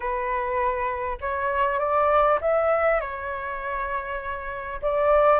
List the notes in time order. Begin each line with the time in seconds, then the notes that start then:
0.00 B4
1.21 C#5
1.79 D5
2.41 E5
3.00 C#5
4.82 D5